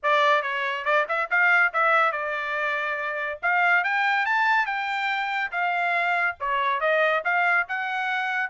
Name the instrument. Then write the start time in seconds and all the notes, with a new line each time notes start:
trumpet
0.02 D5
0.42 C#5
0.84 D5
1.08 E5
1.30 F5
1.73 E5
2.12 D5
3.42 F5
3.84 G5
4.25 A5
4.66 G5
5.51 F5
6.39 C#5
6.80 D#5
7.24 F5
7.68 F#5